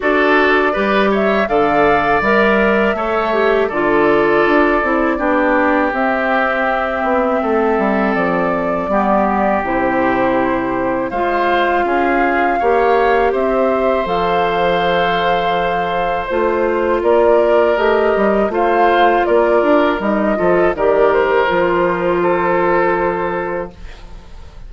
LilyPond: <<
  \new Staff \with { instrumentName = "flute" } { \time 4/4 \tempo 4 = 81 d''4. e''8 f''4 e''4~ | e''4 d''2. | e''2. d''4~ | d''4 c''2 f''4~ |
f''2 e''4 f''4~ | f''2 c''4 d''4 | dis''4 f''4 d''4 dis''4 | d''8 c''2.~ c''8 | }
  \new Staff \with { instrumentName = "oboe" } { \time 4/4 a'4 b'8 cis''8 d''2 | cis''4 a'2 g'4~ | g'2 a'2 | g'2. c''4 |
gis'4 cis''4 c''2~ | c''2. ais'4~ | ais'4 c''4 ais'4. a'8 | ais'2 a'2 | }
  \new Staff \with { instrumentName = "clarinet" } { \time 4/4 fis'4 g'4 a'4 ais'4 | a'8 g'8 f'4. e'8 d'4 | c'1 | b4 e'2 f'4~ |
f'4 g'2 a'4~ | a'2 f'2 | g'4 f'2 dis'8 f'8 | g'4 f'2. | }
  \new Staff \with { instrumentName = "bassoon" } { \time 4/4 d'4 g4 d4 g4 | a4 d4 d'8 c'8 b4 | c'4. b8 a8 g8 f4 | g4 c2 gis4 |
cis'4 ais4 c'4 f4~ | f2 a4 ais4 | a8 g8 a4 ais8 d'8 g8 f8 | dis4 f2. | }
>>